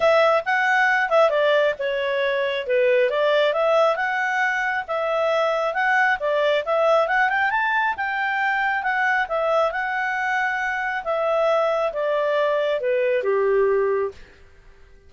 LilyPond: \new Staff \with { instrumentName = "clarinet" } { \time 4/4 \tempo 4 = 136 e''4 fis''4. e''8 d''4 | cis''2 b'4 d''4 | e''4 fis''2 e''4~ | e''4 fis''4 d''4 e''4 |
fis''8 g''8 a''4 g''2 | fis''4 e''4 fis''2~ | fis''4 e''2 d''4~ | d''4 b'4 g'2 | }